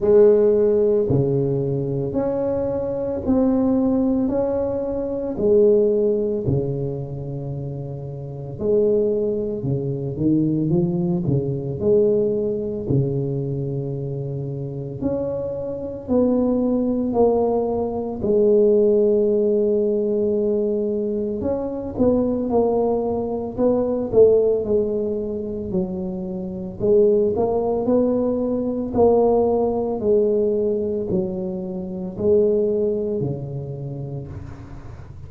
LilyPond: \new Staff \with { instrumentName = "tuba" } { \time 4/4 \tempo 4 = 56 gis4 cis4 cis'4 c'4 | cis'4 gis4 cis2 | gis4 cis8 dis8 f8 cis8 gis4 | cis2 cis'4 b4 |
ais4 gis2. | cis'8 b8 ais4 b8 a8 gis4 | fis4 gis8 ais8 b4 ais4 | gis4 fis4 gis4 cis4 | }